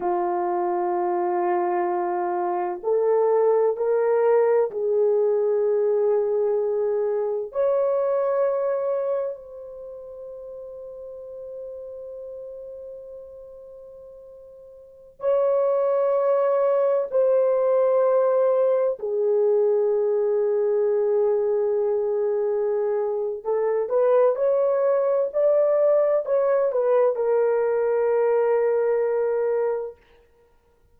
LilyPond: \new Staff \with { instrumentName = "horn" } { \time 4/4 \tempo 4 = 64 f'2. a'4 | ais'4 gis'2. | cis''2 c''2~ | c''1~ |
c''16 cis''2 c''4.~ c''16~ | c''16 gis'2.~ gis'8.~ | gis'4 a'8 b'8 cis''4 d''4 | cis''8 b'8 ais'2. | }